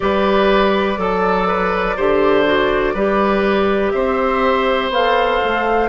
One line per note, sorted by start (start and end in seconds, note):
0.00 0.98 G3
0.00 0.96 G4
0.00 1.00 B4
0.00 3.90 D5
0.97 1.96 F#3
0.97 1.96 A4
0.97 1.47 A4
1.47 1.96 B4
1.96 2.93 D3
1.96 2.45 G4
1.96 2.94 C5
2.45 2.94 F#4
2.93 3.92 G3
2.93 4.92 G4
2.93 3.92 B4
3.90 4.89 C4
3.90 5.88 C5
3.90 4.89 E5
4.89 5.39 B3
4.89 5.88 A4
4.89 5.88 F5
5.44 5.88 A3